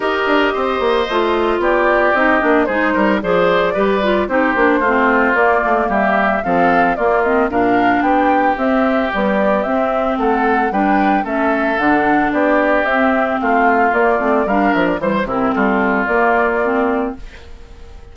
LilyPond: <<
  \new Staff \with { instrumentName = "flute" } { \time 4/4 \tempo 4 = 112 dis''2. d''4 | dis''4 c''4 d''2 | c''2 d''4 e''4 | f''4 d''8 dis''8 f''4 g''4 |
e''4 d''4 e''4 fis''4 | g''4 e''4 fis''4 d''4 | e''4 f''4 d''4 f''8 e''16 d''16 | c''8 ais'8 a'4 d''2 | }
  \new Staff \with { instrumentName = "oboe" } { \time 4/4 ais'4 c''2 g'4~ | g'4 gis'8 ais'8 c''4 b'4 | g'4 f'2 g'4 | a'4 f'4 ais'4 g'4~ |
g'2. a'4 | b'4 a'2 g'4~ | g'4 f'2 ais'4 | c''8 e'8 f'2. | }
  \new Staff \with { instrumentName = "clarinet" } { \time 4/4 g'2 f'2 | dis'8 d'8 dis'4 gis'4 g'8 f'8 | dis'8 d'8 c'4 ais2 | c'4 ais8 c'8 d'2 |
c'4 g4 c'2 | d'4 cis'4 d'2 | c'2 ais8 c'8 d'4 | g8 c'4. ais4 c'4 | }
  \new Staff \with { instrumentName = "bassoon" } { \time 4/4 dis'8 d'8 c'8 ais8 a4 b4 | c'8 ais8 gis8 g8 f4 g4 | c'8 ais8 a4 ais8 a8 g4 | f4 ais4 ais,4 b4 |
c'4 b4 c'4 a4 | g4 a4 d4 b4 | c'4 a4 ais8 a8 g8 f8 | e8 c8 g4 ais2 | }
>>